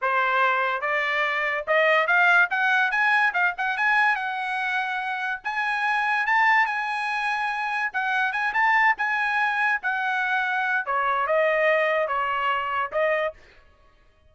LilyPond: \new Staff \with { instrumentName = "trumpet" } { \time 4/4 \tempo 4 = 144 c''2 d''2 | dis''4 f''4 fis''4 gis''4 | f''8 fis''8 gis''4 fis''2~ | fis''4 gis''2 a''4 |
gis''2. fis''4 | gis''8 a''4 gis''2 fis''8~ | fis''2 cis''4 dis''4~ | dis''4 cis''2 dis''4 | }